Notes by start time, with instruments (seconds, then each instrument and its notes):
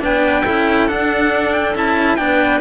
0.00 cello B3 D4, clarinet B4, trumpet G5
0.45 cello C#4 E4, clarinet A4
0.88 cello D4, trumpet F#5
1.53 trumpet G5
1.74 cello C#4 E4, trumpet A5
2.16 cello B3 D4, clarinet B4, trumpet G5